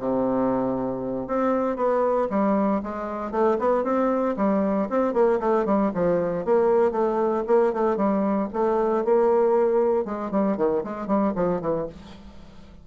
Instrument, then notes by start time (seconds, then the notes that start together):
bassoon
0.00 C3
1.28 C4
1.77 B3
2.30 G3
2.83 G#3
3.32 A3
3.59 B3
3.84 C4
4.37 G3
4.89 C4
5.14 A#3
5.40 A3
5.66 G3
5.94 F3
6.45 A#3
6.92 A3
7.47 A#3
7.73 A3
7.97 G3
8.53 A3
9.05 A#3
10.05 G#3
10.31 G3
10.58 D#3
10.84 G#3
11.07 G3
11.36 F3
11.61 E3